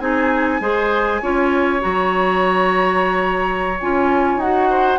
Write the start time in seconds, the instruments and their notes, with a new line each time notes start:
0.00 bassoon C4, clarinet D#4, oboe G#4, flute G#5
0.61 bassoon G#3, clarinet G#4, oboe C5
1.22 bassoon C#4, clarinet F4, oboe C#5
1.80 bassoon F#3, clarinet F#4, flute A#5
3.81 bassoon C#4, clarinet F4, flute G#5
4.37 bassoon D#4, clarinet F#4, flute F#5
4.70 oboe C5